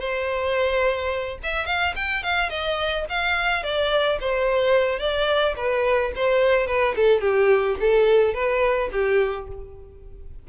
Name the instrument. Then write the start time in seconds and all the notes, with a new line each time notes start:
violin
0.00 C5
1.44 E5
1.66 F5
1.96 G5
2.23 F5
2.50 D#5
3.09 F5
3.63 D5
4.21 C5
4.99 D5
5.57 B4
6.16 C5
6.67 B4
6.96 A4
7.21 G4
7.80 A4
8.34 B4
8.92 G4